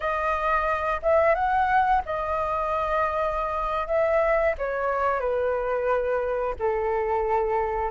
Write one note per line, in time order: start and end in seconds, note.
0.00 1.00 D#5
1.02 1.34 E5
1.34 2.02 F#5
2.05 3.87 D#5
3.87 4.54 E5
4.58 5.19 C#5
5.19 6.54 B4
6.59 7.91 A4